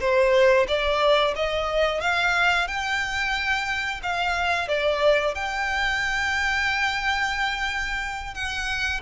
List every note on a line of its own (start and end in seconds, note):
0.00 0.67 C5
0.68 1.35 D5
1.36 2.01 D#5
2.01 2.68 F5
2.68 4.01 G5
4.03 4.68 F5
4.68 5.35 D5
5.35 8.35 G5
8.35 9.01 F#5